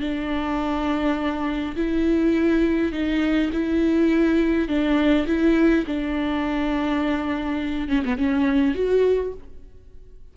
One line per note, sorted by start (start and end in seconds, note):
0.00 1.75 D4
1.76 2.92 E4
2.92 3.50 D#4
3.52 4.68 E4
4.68 5.26 D4
5.26 5.84 E4
5.86 7.88 D4
7.88 8.03 C#4
8.05 8.17 B3
8.17 8.74 C#4
8.74 9.33 F#4